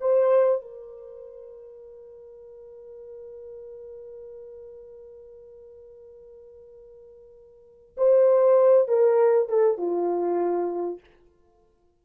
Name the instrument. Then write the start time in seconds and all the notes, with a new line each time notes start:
horn
0.00 C5
0.62 A#4
7.97 C5
8.88 A#4
9.48 A4
9.77 F4